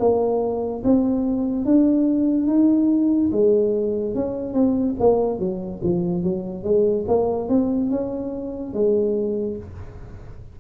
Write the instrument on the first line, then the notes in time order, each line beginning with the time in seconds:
tuba
0.00 A#3
0.84 C4
1.66 D4
2.48 D#4
3.33 G#3
4.15 C#4
4.54 C4
5.00 A#3
5.39 F#3
5.83 F3
6.24 F#3
6.64 G#3
7.08 A#3
7.49 C4
7.91 C#4
8.74 G#3